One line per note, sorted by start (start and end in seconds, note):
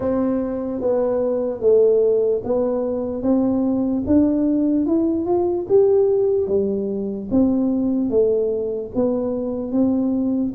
0.00 0.80 C4
0.80 1.60 B3
1.60 2.41 A3
2.44 3.22 B3
3.22 4.03 C4
4.06 4.86 D4
4.86 5.25 E4
5.25 5.66 F4
5.68 6.47 G4
6.47 7.28 G3
7.30 8.10 C4
8.10 8.91 A3
8.94 9.71 B3
9.71 10.53 C4